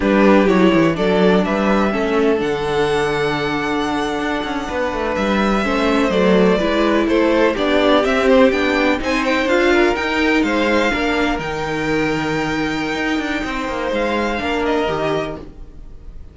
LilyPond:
<<
  \new Staff \with { instrumentName = "violin" } { \time 4/4 \tempo 4 = 125 b'4 cis''4 d''4 e''4~ | e''4 fis''2.~ | fis''2~ fis''8. e''4~ e''16~ | e''8. d''2 c''4 d''16~ |
d''8. e''8 c''8 g''4 gis''8 g''8 f''16~ | f''8. g''4 f''2 g''16~ | g''1~ | g''4 f''4. dis''4. | }
  \new Staff \with { instrumentName = "violin" } { \time 4/4 g'2 a'4 b'4 | a'1~ | a'4.~ a'16 b'2 c''16~ | c''4.~ c''16 b'4 a'4 g'16~ |
g'2~ g'8. c''4~ c''16~ | c''16 ais'4. c''4 ais'4~ ais'16~ | ais'1 | c''2 ais'2 | }
  \new Staff \with { instrumentName = "viola" } { \time 4/4 d'4 e'4 d'2 | cis'4 d'2.~ | d'2.~ d'8. cis'16~ | cis'8. a4 e'2 d'16~ |
d'8. c'4 d'4 dis'4 f'16~ | f'8. dis'2 d'4 dis'16~ | dis'1~ | dis'2 d'4 g'4 | }
  \new Staff \with { instrumentName = "cello" } { \time 4/4 g4 fis8 e8 fis4 g4 | a4 d2.~ | d8. d'8 cis'8 b8 a8 g4 a16~ | a8. fis4 gis4 a4 b16~ |
b8. c'4 b4 c'4 d'16~ | d'8. dis'4 gis4 ais4 dis16~ | dis2. dis'8 d'8 | c'8 ais8 gis4 ais4 dis4 | }
>>